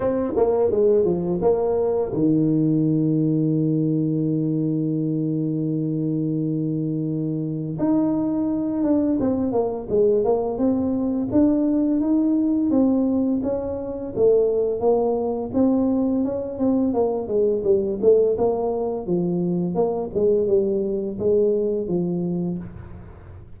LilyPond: \new Staff \with { instrumentName = "tuba" } { \time 4/4 \tempo 4 = 85 c'8 ais8 gis8 f8 ais4 dis4~ | dis1~ | dis2. dis'4~ | dis'8 d'8 c'8 ais8 gis8 ais8 c'4 |
d'4 dis'4 c'4 cis'4 | a4 ais4 c'4 cis'8 c'8 | ais8 gis8 g8 a8 ais4 f4 | ais8 gis8 g4 gis4 f4 | }